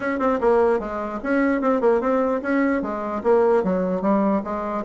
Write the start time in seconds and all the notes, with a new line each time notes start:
0.00 C#4
0.19 C4
0.40 A#3
0.79 G#3
1.23 C#4
1.61 C4
1.80 A#3
2.00 C4
2.41 C#4
2.82 G#3
3.23 A#3
3.63 F#3
4.01 G3
4.44 G#3